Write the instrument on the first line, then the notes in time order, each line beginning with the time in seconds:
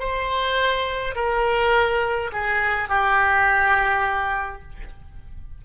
oboe
0.00 C5
1.16 A#4
2.33 G#4
2.90 G4